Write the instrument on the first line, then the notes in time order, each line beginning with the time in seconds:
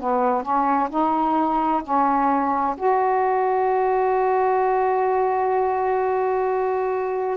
saxophone
0.00 B3
0.42 C#4
0.90 D#4
1.83 C#4
2.77 F#4